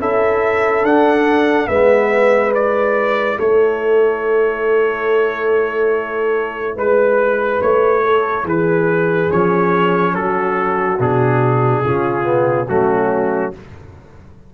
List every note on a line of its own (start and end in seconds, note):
0.00 0.84 C#4
0.00 0.85 E4
0.00 1.68 A4
0.00 0.86 E5
0.84 1.68 D4
0.84 1.70 D4
0.84 1.68 F#5
1.68 3.38 G#3
1.68 2.53 B3
1.68 3.37 B4
1.68 2.52 E5
2.53 9.29 E4
2.53 3.39 D5
3.39 6.77 A3
3.39 6.76 A4
3.39 6.78 C#5
6.76 7.61 G#3
6.76 8.03 B4
6.76 7.62 B4
7.62 8.45 A3
7.62 8.46 C#5
8.05 8.45 A4
8.45 9.29 E3
8.45 10.14 G#4
8.45 9.32 B4
9.30 10.15 F3
9.30 10.99 C#4
9.30 10.15 C#5
10.15 11.00 F#3
10.15 11.84 F#4
10.15 11.00 A4
11.00 11.84 B2
11.00 11.85 D4
11.00 12.69 G#4
11.84 12.69 C#3
11.84 12.24 C#4
11.84 12.68 F4
12.24 12.66 B3
12.69 13.54 F#3
12.69 13.54 A3
12.69 13.54 C#4
12.69 13.54 F#4